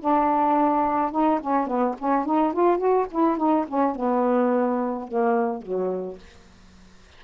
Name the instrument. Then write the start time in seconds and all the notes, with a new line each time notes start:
saxophone
0.00 D4
1.11 D#4
1.40 C#4
1.66 B3
1.98 C#4
2.25 D#4
2.53 F4
2.78 F#4
3.11 E4
3.37 D#4
3.67 C#4
3.95 B3
5.07 A#3
5.61 F#3